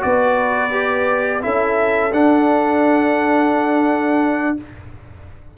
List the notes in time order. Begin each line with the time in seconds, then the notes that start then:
0.00 B3 F#4 B4 D5
0.71 G4
1.41 C#4 E4 A4 E5
2.12 D4 F#5